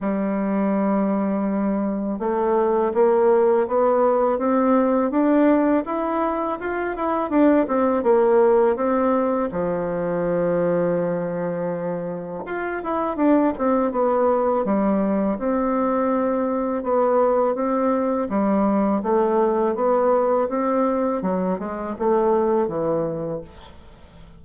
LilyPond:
\new Staff \with { instrumentName = "bassoon" } { \time 4/4 \tempo 4 = 82 g2. a4 | ais4 b4 c'4 d'4 | e'4 f'8 e'8 d'8 c'8 ais4 | c'4 f2.~ |
f4 f'8 e'8 d'8 c'8 b4 | g4 c'2 b4 | c'4 g4 a4 b4 | c'4 fis8 gis8 a4 e4 | }